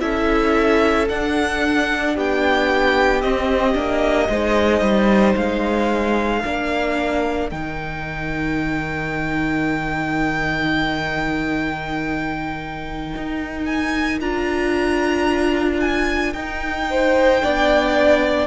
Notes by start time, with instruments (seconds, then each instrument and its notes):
0.00 cello C#4, viola E4, violin A4 E5
1.09 viola D4, cello D4, violin F#5
2.14 cello B3, violin G4 G5
3.21 viola C4, cello C4, violin D#5
3.74 cello A#3, viola D4
4.29 cello G#3, viola D#4, violin C5
4.81 cello G3
5.36 cello G#3, violin F5
6.41 cello A#3, viola D4, violin A#4
7.50 cello D#3, viola D#4, violin G5
13.16 cello D#4
13.65 violin G#5
14.21 cello D4, viola F4, violin A#5
15.81 violin G#5
16.33 cello D#4, viola D#4, violin G5
16.90 violin C5
17.42 cello B3, viola D4, violin D5